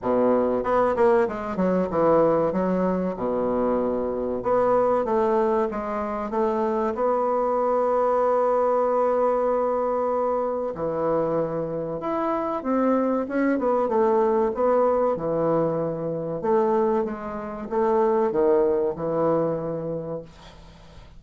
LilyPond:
\new Staff \with { instrumentName = "bassoon" } { \time 4/4 \tempo 4 = 95 b,4 b8 ais8 gis8 fis8 e4 | fis4 b,2 b4 | a4 gis4 a4 b4~ | b1~ |
b4 e2 e'4 | c'4 cis'8 b8 a4 b4 | e2 a4 gis4 | a4 dis4 e2 | }